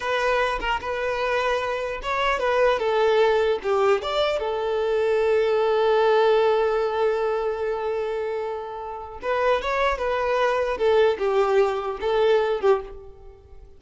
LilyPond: \new Staff \with { instrumentName = "violin" } { \time 4/4 \tempo 4 = 150 b'4. ais'8 b'2~ | b'4 cis''4 b'4 a'4~ | a'4 g'4 d''4 a'4~ | a'1~ |
a'1~ | a'2. b'4 | cis''4 b'2 a'4 | g'2 a'4. g'8 | }